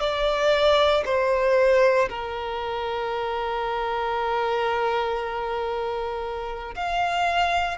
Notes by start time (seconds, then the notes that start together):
0.00 D5
1.05 C5
2.09 A#4
6.75 F5